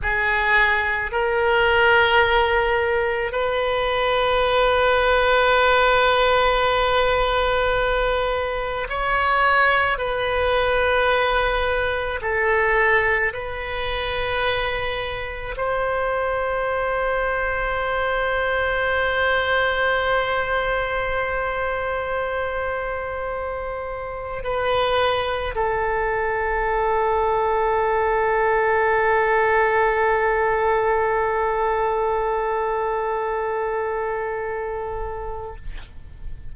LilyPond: \new Staff \with { instrumentName = "oboe" } { \time 4/4 \tempo 4 = 54 gis'4 ais'2 b'4~ | b'1 | cis''4 b'2 a'4 | b'2 c''2~ |
c''1~ | c''2 b'4 a'4~ | a'1~ | a'1 | }